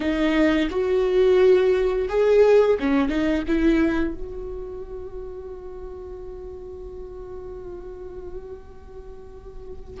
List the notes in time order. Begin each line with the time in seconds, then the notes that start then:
0.00 D#4
0.70 F#4
2.08 G#4
2.79 C#4
3.08 D#4
3.47 E4
4.14 F#4